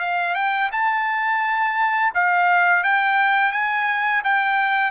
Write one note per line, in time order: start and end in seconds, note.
0.00 0.35 F5
0.35 0.70 G5
0.72 2.13 A5
2.15 2.84 F5
2.84 3.52 G5
3.52 4.23 G#5
4.24 4.91 G5